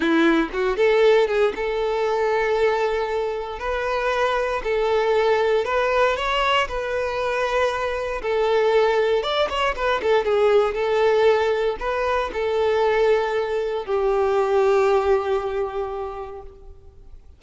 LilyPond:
\new Staff \with { instrumentName = "violin" } { \time 4/4 \tempo 4 = 117 e'4 fis'8 a'4 gis'8 a'4~ | a'2. b'4~ | b'4 a'2 b'4 | cis''4 b'2. |
a'2 d''8 cis''8 b'8 a'8 | gis'4 a'2 b'4 | a'2. g'4~ | g'1 | }